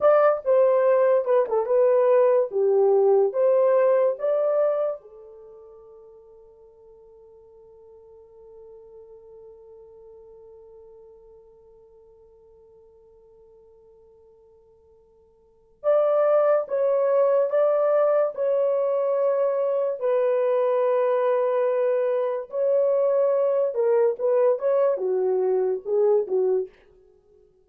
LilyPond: \new Staff \with { instrumentName = "horn" } { \time 4/4 \tempo 4 = 72 d''8 c''4 b'16 a'16 b'4 g'4 | c''4 d''4 a'2~ | a'1~ | a'1~ |
a'2. d''4 | cis''4 d''4 cis''2 | b'2. cis''4~ | cis''8 ais'8 b'8 cis''8 fis'4 gis'8 fis'8 | }